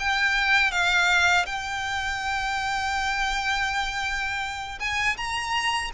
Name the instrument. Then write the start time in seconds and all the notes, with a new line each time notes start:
violin
0.00 G5
0.72 F5
1.46 G5
4.80 G#5
5.17 A#5